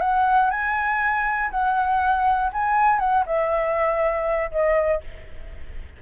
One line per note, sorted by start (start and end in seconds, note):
0.00 0.50 F#5
0.50 1.50 G#5
1.50 2.50 F#5
2.52 2.99 G#5
2.99 3.24 F#5
3.25 4.50 E5
4.51 5.01 D#5